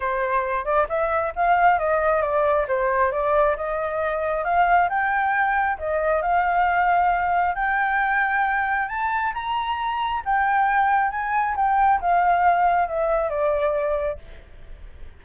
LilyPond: \new Staff \with { instrumentName = "flute" } { \time 4/4 \tempo 4 = 135 c''4. d''8 e''4 f''4 | dis''4 d''4 c''4 d''4 | dis''2 f''4 g''4~ | g''4 dis''4 f''2~ |
f''4 g''2. | a''4 ais''2 g''4~ | g''4 gis''4 g''4 f''4~ | f''4 e''4 d''2 | }